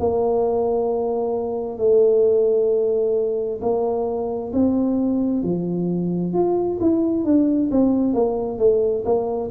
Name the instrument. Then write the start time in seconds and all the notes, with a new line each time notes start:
tuba
0.00 A#3
1.78 A3
3.61 A#3
4.53 C4
5.43 F3
6.33 F4
6.81 E4
7.25 D4
7.71 C4
8.14 A#3
8.59 A3
9.05 A#3